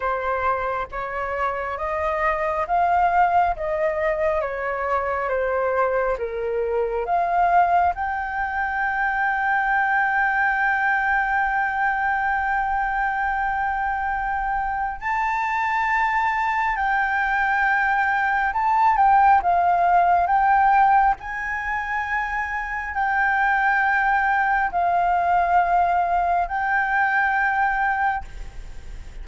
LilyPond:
\new Staff \with { instrumentName = "flute" } { \time 4/4 \tempo 4 = 68 c''4 cis''4 dis''4 f''4 | dis''4 cis''4 c''4 ais'4 | f''4 g''2.~ | g''1~ |
g''4 a''2 g''4~ | g''4 a''8 g''8 f''4 g''4 | gis''2 g''2 | f''2 g''2 | }